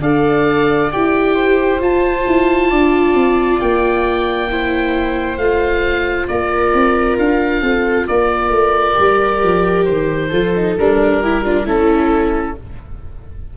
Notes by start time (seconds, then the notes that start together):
0.00 D4 A4 D5 F5
0.92 E4 G4 G5
1.35 C5
1.80 F4 A5
2.27 E4
2.69 D4 D5
3.14 C4
3.60 A#3 G5
4.50 E4 C5
5.37 A3 F4 F5
6.28 A#3 A#4 D5
6.74 C4
7.18 D4 F5
7.62 C4 A4
8.07 A#3 A#4 D5
8.50 A3
8.95 G3 G4
9.43 F3
9.85 D#3 C5
10.29 F3 F4 A4
10.56 D#4
10.78 G3 D4 A#4
11.22 E4 G4
11.44 D4 F4
11.64 A3 C#4 E4 A4